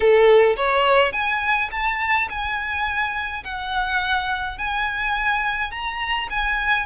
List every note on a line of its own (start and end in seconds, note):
0.00 0.56 A4
0.56 1.12 C#5
1.12 1.69 G#5
1.71 2.28 A5
2.29 3.43 G#5
3.43 4.58 F#5
4.58 5.71 G#5
5.71 6.28 A#5
6.30 6.86 G#5